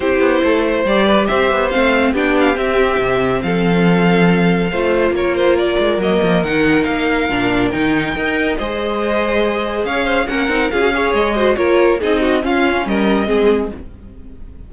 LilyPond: <<
  \new Staff \with { instrumentName = "violin" } { \time 4/4 \tempo 4 = 140 c''2 d''4 e''4 | f''4 g''8 f''8 e''2 | f''1 | cis''8 c''8 d''4 dis''4 fis''4 |
f''2 g''2 | dis''2. f''4 | fis''4 f''4 dis''4 cis''4 | dis''4 f''4 dis''2 | }
  \new Staff \with { instrumentName = "violin" } { \time 4/4 g'4 a'8 c''4 b'8 c''4~ | c''4 g'2. | a'2. c''4 | ais'1~ |
ais'2. dis''4 | c''2. cis''8 c''8 | ais'4 gis'8 cis''4 c''8 ais'4 | gis'8 fis'8 f'4 ais'4 gis'4 | }
  \new Staff \with { instrumentName = "viola" } { \time 4/4 e'2 g'2 | c'4 d'4 c'2~ | c'2. f'4~ | f'2 ais4 dis'4~ |
dis'4 d'4 dis'4 ais'4 | gis'1 | cis'8 dis'8 f'16 fis'16 gis'4 fis'8 f'4 | dis'4 cis'2 c'4 | }
  \new Staff \with { instrumentName = "cello" } { \time 4/4 c'8 b8 a4 g4 c'8 b8 | a4 b4 c'4 c4 | f2. a4 | ais4. gis8 fis8 f8 dis4 |
ais4 ais,4 dis4 dis'4 | gis2. cis'4 | ais8 c'8 cis'4 gis4 ais4 | c'4 cis'4 g4 gis4 | }
>>